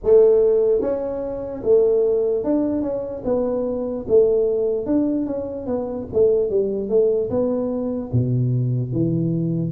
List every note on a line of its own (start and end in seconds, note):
0.03 0.81 A3
0.81 1.62 C#4
1.63 2.44 A3
2.44 2.82 D4
2.82 3.22 C#4
3.24 4.05 B3
4.08 4.85 A3
4.85 5.26 D4
5.26 5.66 C#4
5.66 6.07 B3
6.13 6.49 A3
6.49 6.89 G3
6.89 7.29 A3
7.30 8.11 B3
8.12 8.92 B2
8.92 9.71 E3